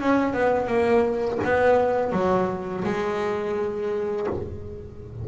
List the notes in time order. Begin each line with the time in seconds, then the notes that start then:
0.00 C#4
0.33 B3
0.67 A#3
1.44 B3
2.12 F#3
2.84 G#3